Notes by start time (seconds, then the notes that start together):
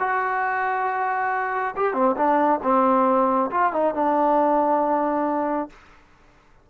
0.00 F#4
1.77 G4
1.94 C4
2.17 D4
2.63 C4
3.52 F4
3.73 D#4
3.95 D4